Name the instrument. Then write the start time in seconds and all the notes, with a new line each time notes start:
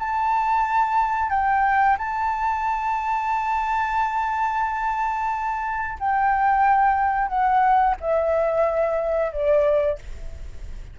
flute
0.00 A5
1.30 G5
1.98 A5
6.00 G5
7.28 F#5
8.01 E5
9.32 D5